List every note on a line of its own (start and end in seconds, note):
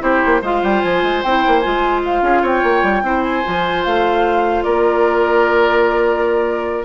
0.00 0.22 C4
0.00 0.40 E4
0.00 0.42 G4
0.00 0.43 C5
0.26 0.42 A#3
0.42 0.62 G#3
0.42 1.24 F4
0.42 2.23 C5
0.42 0.64 F5
0.63 0.83 G3
0.63 0.82 G5
0.82 1.03 F3
0.82 1.22 G#5
1.03 1.23 G#3
1.23 1.44 C4
1.23 1.63 E4
1.23 1.60 G5
1.47 1.66 A#3
1.60 2.22 G#3
1.60 3.04 F4
1.60 2.01 G#5
2.05 2.45 F5
2.22 2.42 C#4
2.22 2.42 G#4
2.42 2.62 C4
2.42 3.03 C#5
2.42 3.23 G5
2.63 2.83 A#3
2.83 3.02 G3
3.02 3.43 C4
3.02 3.44 E4
3.02 4.64 C5
3.23 3.83 G#5
3.44 3.86 F3
3.44 6.85 F4
3.84 4.66 A3
3.84 4.63 F5
4.63 6.85 A#3
4.63 6.85 A#4
4.63 6.84 D5